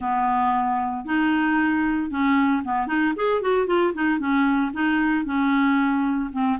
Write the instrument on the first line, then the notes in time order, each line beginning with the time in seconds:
clarinet
0.00 B3
1.05 D#4
2.10 C#4
2.64 B3
2.87 D#4
3.16 G#4
3.41 F#4
3.67 F4
3.94 D#4
4.19 C#4
4.73 D#4
5.25 C#4
6.32 C4